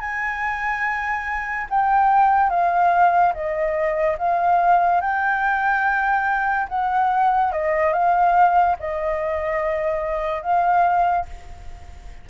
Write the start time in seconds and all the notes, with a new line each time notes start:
0.00 G#5
1.70 G5
2.50 F5
3.33 D#5
4.18 F5
5.01 G5
6.69 F#5
7.52 D#5
7.92 F5
8.79 D#5
10.42 F5